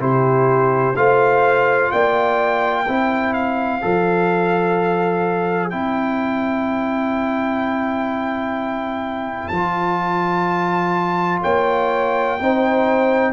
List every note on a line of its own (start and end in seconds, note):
0.00 0.95 C3
0.00 0.95 E4
0.00 0.97 G4
0.00 0.97 C5
0.96 1.91 A3
0.96 2.87 F4
0.96 1.92 C5
0.96 1.92 F5
1.92 2.88 A#3
1.92 2.86 D5
1.92 3.34 G5
2.86 3.84 C4
2.86 3.82 E4
2.86 11.42 C5
3.34 5.70 F5
3.82 5.73 F3
3.82 5.72 A4
5.70 9.51 C4
5.70 9.53 E4
5.70 9.48 G5
9.48 11.42 F3
9.48 12.39 F4
9.48 11.39 A5
11.42 12.40 A#3
11.42 12.37 C#5
11.42 13.34 G5
12.39 13.34 C4
12.39 13.34 D#4
12.39 13.34 C5